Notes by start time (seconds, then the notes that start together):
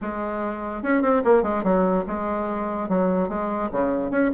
0.01 G#3
0.83 C#4
1.02 C4
1.24 A#3
1.43 G#3
1.63 F#3
2.07 G#3
2.88 F#3
3.28 G#3
3.71 C#3
4.10 C#4